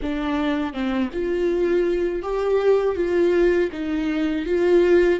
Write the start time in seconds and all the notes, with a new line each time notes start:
0.02 D4
0.73 C4
1.12 F4
2.22 G4
2.95 F4
3.71 D#4
4.45 F4